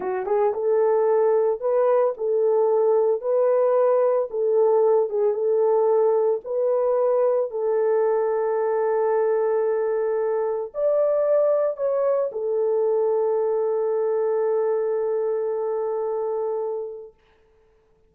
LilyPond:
\new Staff \with { instrumentName = "horn" } { \time 4/4 \tempo 4 = 112 fis'8 gis'8 a'2 b'4 | a'2 b'2 | a'4. gis'8 a'2 | b'2 a'2~ |
a'1 | d''2 cis''4 a'4~ | a'1~ | a'1 | }